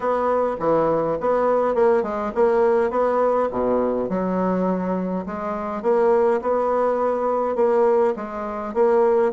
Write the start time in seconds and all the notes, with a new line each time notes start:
0.00 B3
0.59 E3
1.20 B3
1.74 A#3
2.03 G#3
2.34 A#3
2.90 B3
3.51 B2
4.09 F#3
5.26 G#3
5.82 A#3
6.41 B3
7.55 A#3
8.16 G#3
8.74 A#3